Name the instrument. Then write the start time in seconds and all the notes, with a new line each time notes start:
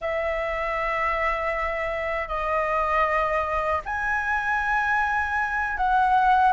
flute
0.01 E5
2.27 D#5
3.85 G#5
5.77 F#5